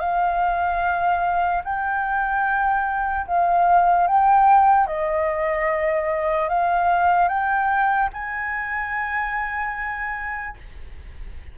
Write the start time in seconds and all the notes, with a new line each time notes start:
0.00 F5
1.64 G5
3.27 F5
4.07 G5
4.87 D#5
6.49 F5
7.28 G5
8.13 G#5